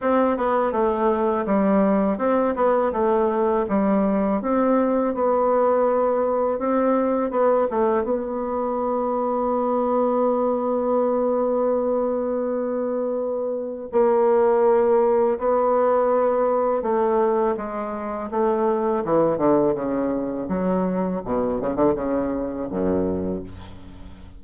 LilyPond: \new Staff \with { instrumentName = "bassoon" } { \time 4/4 \tempo 4 = 82 c'8 b8 a4 g4 c'8 b8 | a4 g4 c'4 b4~ | b4 c'4 b8 a8 b4~ | b1~ |
b2. ais4~ | ais4 b2 a4 | gis4 a4 e8 d8 cis4 | fis4 b,8 cis16 d16 cis4 fis,4 | }